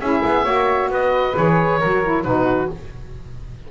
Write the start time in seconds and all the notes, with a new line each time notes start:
0.00 C#4 E4 G#4 E5
0.26 B3
0.44 A#3 F#4 C#5
0.90 B3 B4 D#5
1.35 E3 G#4 C#5
1.79 F#3 F#4 A#4
2.04 E4
2.23 B2 D#4 F#4 B4